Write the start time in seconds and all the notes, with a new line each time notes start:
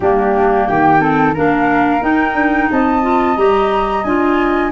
0.00 G3 A#3 D4 G4
0.67 D#3 G4 G5
0.99 C4 A4
1.34 A#3 D4 A#4 F5
2.00 D#4 G5
2.34 D4
2.71 C4 D#5 A5
3.01 F4
3.36 G3 G4 A#5
4.03 D4 F4 G#5